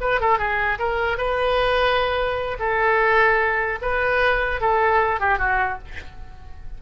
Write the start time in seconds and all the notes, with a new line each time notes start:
0.00 B4
0.20 A4
0.38 G#4
0.79 A#4
1.17 B4
2.59 A4
3.81 B4
4.60 A4
5.20 G4
5.38 F#4